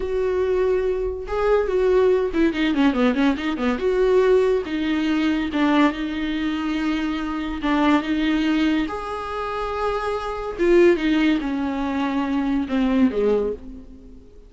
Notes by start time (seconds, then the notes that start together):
0.00 F#4
1.27 G#4
1.67 F#4
2.33 E4
2.53 D#4
2.74 C#4
2.93 B3
3.14 C#4
3.37 D#4
3.57 B3
3.78 F#4
4.65 D#4
5.52 D4
5.92 D#4
7.62 D4
8.02 D#4
8.87 G#4
10.58 F4
10.96 D#4
11.40 C#4
12.68 C4
13.10 G#3